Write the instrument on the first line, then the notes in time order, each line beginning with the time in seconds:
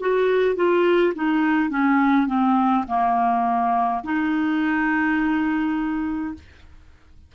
clarinet
0.00 F#4
0.56 F4
1.15 D#4
1.69 C#4
2.27 C4
2.87 A#3
4.03 D#4